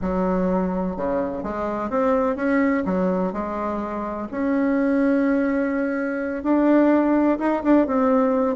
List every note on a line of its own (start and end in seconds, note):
0.01 0.96 F#3
0.96 1.43 C#3
1.43 1.90 G#3
1.90 2.36 C4
2.36 2.83 C#4
2.85 3.32 F#3
3.32 4.27 G#3
4.31 6.43 C#4
6.43 7.38 D4
7.39 7.62 D#4
7.63 7.87 D4
7.87 8.56 C4